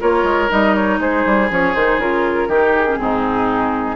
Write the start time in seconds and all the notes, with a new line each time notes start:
0.00 A#3 F4 A#4 C#5
0.24 G#3
0.49 G3 D#4 D#5
0.75 C#5
0.99 G#3 G#4 C5
1.26 G3
1.50 F3 C#4 C#5
1.75 D#3 D#4 C5
1.98 C#3 F4 A#4
2.49 D#3 D#4 G4
2.76 G#4
2.88 C#4
2.98 G#2 C4 D#4